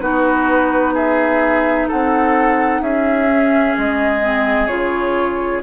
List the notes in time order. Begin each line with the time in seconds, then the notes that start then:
0.00 B3 D#4 F#4 B4
0.94 G#4 E5
1.87 C4 A4 F#5
2.80 C#4 G#4 E5
3.28 C#4
3.77 G#3 D#5
4.21 C4
4.67 C#3 F4 C#5